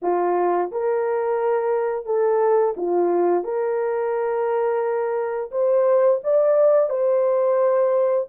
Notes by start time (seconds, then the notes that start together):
0.02 F4
0.71 A#4
2.05 A4
2.76 F4
3.44 A#4
5.51 C5
6.23 D5
6.89 C5